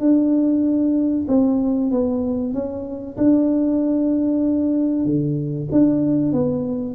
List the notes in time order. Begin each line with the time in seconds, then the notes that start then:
0.00 D4
1.28 C4
1.91 B3
2.54 C#4
3.18 D4
5.05 D3
5.72 D4
6.32 B3